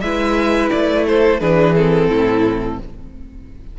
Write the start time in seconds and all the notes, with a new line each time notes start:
0.00 G#3 E4 B4 E5
0.70 A3 D5
1.06 A4 C5
1.40 E3 D4 G#4 B4
1.75 C4 A4
2.08 A2 E4